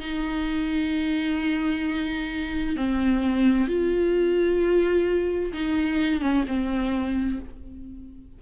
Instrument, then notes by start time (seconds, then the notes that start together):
viola
0.00 D#4
2.77 C4
3.68 F4
5.53 D#4
6.21 C#4
6.47 C4